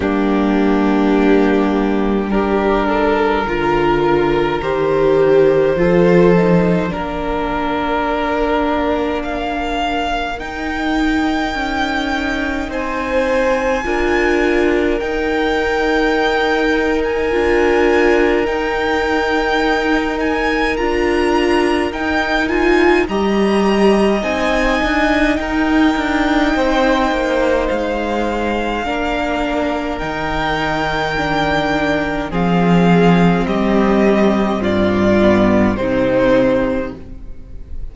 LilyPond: <<
  \new Staff \with { instrumentName = "violin" } { \time 4/4 \tempo 4 = 52 g'2 ais'2 | c''2 ais'2 | f''4 g''2 gis''4~ | gis''4 g''4.~ g''16 gis''4~ gis''16 |
g''4. gis''8 ais''4 g''8 gis''8 | ais''4 gis''4 g''2 | f''2 g''2 | f''4 dis''4 d''4 c''4 | }
  \new Staff \with { instrumentName = "violin" } { \time 4/4 d'2 g'8 a'8 ais'4~ | ais'4 a'4 ais'2~ | ais'2. c''4 | ais'1~ |
ais'1 | dis''2 ais'4 c''4~ | c''4 ais'2. | gis'4 g'4 f'4 dis'4 | }
  \new Staff \with { instrumentName = "viola" } { \time 4/4 ais2 d'4 f'4 | g'4 f'8 dis'8 d'2~ | d'4 dis'2. | f'4 dis'2 f'4 |
dis'2 f'4 dis'8 f'8 | g'4 dis'2.~ | dis'4 d'4 dis'4 d'4 | c'2~ c'8 b8 c'4 | }
  \new Staff \with { instrumentName = "cello" } { \time 4/4 g2. d4 | dis4 f4 ais2~ | ais4 dis'4 cis'4 c'4 | d'4 dis'2 d'4 |
dis'2 d'4 dis'4 | g4 c'8 d'8 dis'8 d'8 c'8 ais8 | gis4 ais4 dis2 | f4 g4 g,4 c4 | }
>>